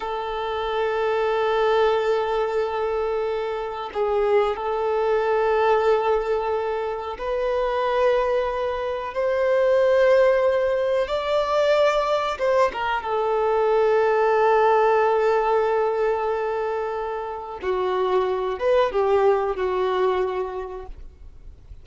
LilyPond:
\new Staff \with { instrumentName = "violin" } { \time 4/4 \tempo 4 = 92 a'1~ | a'2 gis'4 a'4~ | a'2. b'4~ | b'2 c''2~ |
c''4 d''2 c''8 ais'8 | a'1~ | a'2. fis'4~ | fis'8 b'8 g'4 fis'2 | }